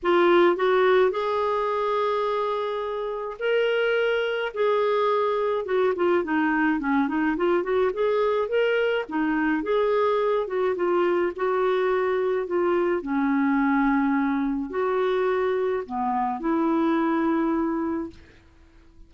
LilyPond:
\new Staff \with { instrumentName = "clarinet" } { \time 4/4 \tempo 4 = 106 f'4 fis'4 gis'2~ | gis'2 ais'2 | gis'2 fis'8 f'8 dis'4 | cis'8 dis'8 f'8 fis'8 gis'4 ais'4 |
dis'4 gis'4. fis'8 f'4 | fis'2 f'4 cis'4~ | cis'2 fis'2 | b4 e'2. | }